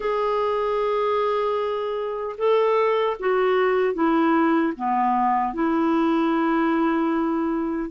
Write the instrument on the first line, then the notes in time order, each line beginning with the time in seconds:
clarinet
0.00 G#4
2.37 A4
3.19 F#4
3.94 E4
4.76 B3
5.53 E4